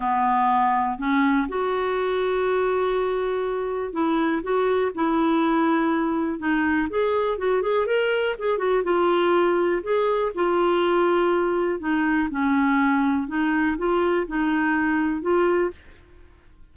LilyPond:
\new Staff \with { instrumentName = "clarinet" } { \time 4/4 \tempo 4 = 122 b2 cis'4 fis'4~ | fis'1 | e'4 fis'4 e'2~ | e'4 dis'4 gis'4 fis'8 gis'8 |
ais'4 gis'8 fis'8 f'2 | gis'4 f'2. | dis'4 cis'2 dis'4 | f'4 dis'2 f'4 | }